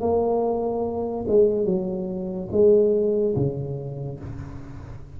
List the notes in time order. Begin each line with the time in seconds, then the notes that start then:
0.00 A#3
1.28 G#3
1.65 F#3
2.52 G#3
3.36 C#3